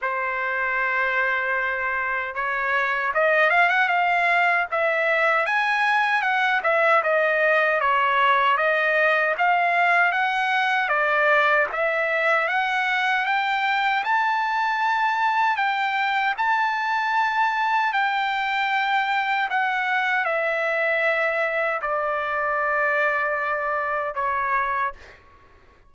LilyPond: \new Staff \with { instrumentName = "trumpet" } { \time 4/4 \tempo 4 = 77 c''2. cis''4 | dis''8 f''16 fis''16 f''4 e''4 gis''4 | fis''8 e''8 dis''4 cis''4 dis''4 | f''4 fis''4 d''4 e''4 |
fis''4 g''4 a''2 | g''4 a''2 g''4~ | g''4 fis''4 e''2 | d''2. cis''4 | }